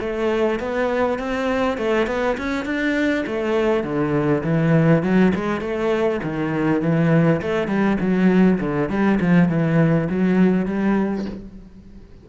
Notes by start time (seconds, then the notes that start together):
0.00 A3
0.59 B3
1.19 C4
1.78 A3
2.07 B3
2.38 C#4
2.65 D4
3.26 A3
3.83 D3
4.44 E3
5.03 F#3
5.35 G#3
5.61 A3
6.23 D#3
6.82 E3
7.41 A3
7.68 G3
8.00 F#3
8.60 D3
8.89 G3
9.20 F3
9.49 E3
10.10 F#3
10.66 G3